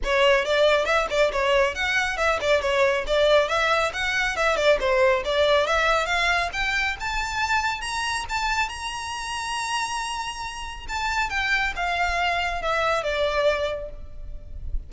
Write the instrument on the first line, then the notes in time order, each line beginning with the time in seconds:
violin
0.03 C#5
0.45 D5
0.85 E5
1.10 D5
1.32 C#5
1.74 F#5
2.17 E5
2.40 D5
2.61 C#5
3.07 D5
3.48 E5
3.93 F#5
4.36 E5
4.56 D5
4.79 C5
5.24 D5
5.66 E5
6.06 F5
6.52 G5
6.99 A5
7.81 A#5
8.29 A5
8.69 A#5
10.88 A5
11.29 G5
11.75 F5
12.61 E5
13.03 D5